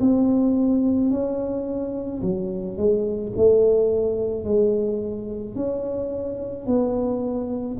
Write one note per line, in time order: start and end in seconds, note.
0.00 1.10 C4
1.10 2.21 C#4
2.22 2.77 F#3
2.77 3.32 G#3
3.36 4.44 A3
4.44 5.55 G#3
5.55 6.66 C#4
6.66 7.77 B3